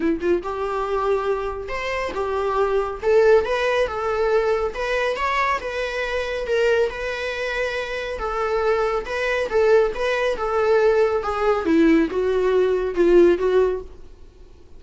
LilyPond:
\new Staff \with { instrumentName = "viola" } { \time 4/4 \tempo 4 = 139 e'8 f'8 g'2. | c''4 g'2 a'4 | b'4 a'2 b'4 | cis''4 b'2 ais'4 |
b'2. a'4~ | a'4 b'4 a'4 b'4 | a'2 gis'4 e'4 | fis'2 f'4 fis'4 | }